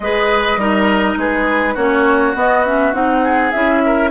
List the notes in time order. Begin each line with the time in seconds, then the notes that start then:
0.00 G#3 G#4 B4 D#5
0.56 G3 D#4 A#4
1.16 G#3 G#4 B4
1.74 A#3 C#4 F#4 C#5
2.35 B3 D#5
2.64 C#4 E5
2.93 C4 D#4 F#5
3.23 G#4
3.51 C#4 E4 E5
3.85 A#4